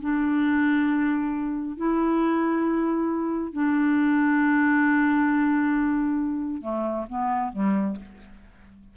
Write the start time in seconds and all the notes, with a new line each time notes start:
0.00 D4
1.76 E4
3.53 D4
6.61 A3
7.08 B3
7.52 G3